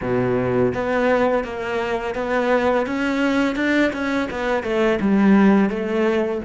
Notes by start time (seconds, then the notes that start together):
0.01 B2
0.74 B3
1.44 A#3
2.15 B3
2.86 C#4
3.55 D4
3.92 C#4
4.30 B3
4.63 A3
5.00 G3
5.69 A3